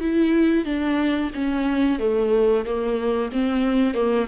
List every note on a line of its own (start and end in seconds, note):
0.00 0.65 E4
0.65 1.31 D4
1.34 1.99 C#4
1.99 2.65 A3
2.65 3.31 A#3
3.32 3.94 C4
3.94 4.27 A#3